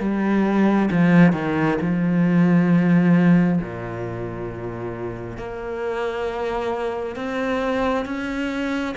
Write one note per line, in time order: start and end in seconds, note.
0.00 0.90 G3
0.91 1.33 F3
1.33 1.77 D#3
1.81 3.60 F3
3.61 5.37 A#2
5.37 7.16 A#3
7.16 8.06 C4
8.06 8.95 C#4